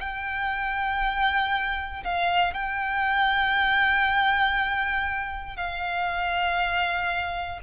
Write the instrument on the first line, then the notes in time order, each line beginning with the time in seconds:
violin
0.00 G5
2.04 F5
2.53 G5
5.56 F5